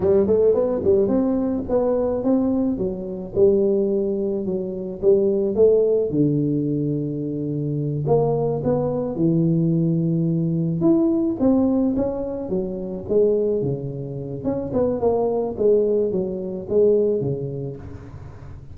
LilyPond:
\new Staff \with { instrumentName = "tuba" } { \time 4/4 \tempo 4 = 108 g8 a8 b8 g8 c'4 b4 | c'4 fis4 g2 | fis4 g4 a4 d4~ | d2~ d8 ais4 b8~ |
b8 e2. e'8~ | e'8 c'4 cis'4 fis4 gis8~ | gis8 cis4. cis'8 b8 ais4 | gis4 fis4 gis4 cis4 | }